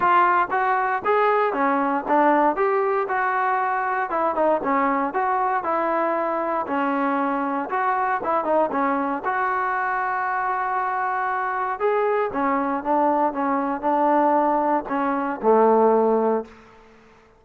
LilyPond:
\new Staff \with { instrumentName = "trombone" } { \time 4/4 \tempo 4 = 117 f'4 fis'4 gis'4 cis'4 | d'4 g'4 fis'2 | e'8 dis'8 cis'4 fis'4 e'4~ | e'4 cis'2 fis'4 |
e'8 dis'8 cis'4 fis'2~ | fis'2. gis'4 | cis'4 d'4 cis'4 d'4~ | d'4 cis'4 a2 | }